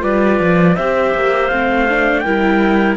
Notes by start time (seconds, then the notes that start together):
0.00 G3 F4 B4 D5
0.39 F3
0.74 C4 G4 C5 E5
1.14 A#3
1.48 A3 C4 F5
1.89 D4
2.20 G3 E4 A#4 G5